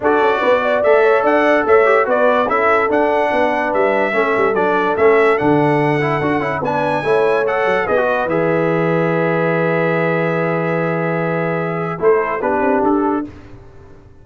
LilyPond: <<
  \new Staff \with { instrumentName = "trumpet" } { \time 4/4 \tempo 4 = 145 d''2 e''4 fis''4 | e''4 d''4 e''4 fis''4~ | fis''4 e''2 d''4 | e''4 fis''2. |
gis''2 fis''4 dis''4 | e''1~ | e''1~ | e''4 c''4 b'4 a'4 | }
  \new Staff \with { instrumentName = "horn" } { \time 4/4 a'4 b'8 d''4 cis''8 d''4 | cis''4 b'4 a'2 | b'2 a'2~ | a'1 |
b'4 cis''2 b'4~ | b'1~ | b'1~ | b'4 a'4 g'2 | }
  \new Staff \with { instrumentName = "trombone" } { \time 4/4 fis'2 a'2~ | a'8 g'8 fis'4 e'4 d'4~ | d'2 cis'4 d'4 | cis'4 d'4. e'8 fis'8 e'8 |
d'4 e'4 a'4 gis'16 fis'8. | gis'1~ | gis'1~ | gis'4 e'4 d'2 | }
  \new Staff \with { instrumentName = "tuba" } { \time 4/4 d'8 cis'8 b4 a4 d'4 | a4 b4 cis'4 d'4 | b4 g4 a8 g8 fis4 | a4 d2 d'8 cis'8 |
b4 a4. fis8 b4 | e1~ | e1~ | e4 a4 b8 c'8 d'4 | }
>>